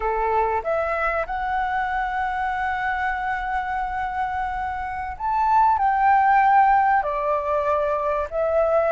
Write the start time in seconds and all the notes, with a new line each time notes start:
0.00 A4
0.63 E5
1.26 F#5
5.17 A5
5.78 G5
7.02 D5
8.30 E5